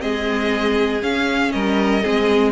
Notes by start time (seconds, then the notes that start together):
0.00 G#3 C4 G#4 D#5
1.03 C#4 F5
1.52 G3 A#4 D#5
2.03 G#3 C4 G#4